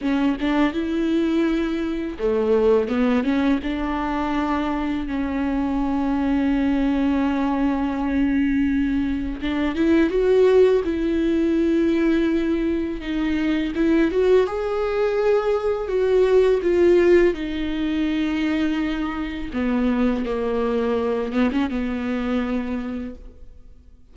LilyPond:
\new Staff \with { instrumentName = "viola" } { \time 4/4 \tempo 4 = 83 cis'8 d'8 e'2 a4 | b8 cis'8 d'2 cis'4~ | cis'1~ | cis'4 d'8 e'8 fis'4 e'4~ |
e'2 dis'4 e'8 fis'8 | gis'2 fis'4 f'4 | dis'2. b4 | ais4. b16 cis'16 b2 | }